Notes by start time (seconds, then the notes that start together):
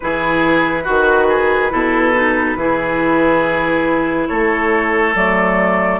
0.00 E3 E4 G#4 B4
0.83 D#3 F#4
1.29 G#4
1.70 B2 E4 A4
2.14 D#4
2.56 E3 E4 G#4
4.27 A3 A4 C#5
5.15 F#3 A3 D5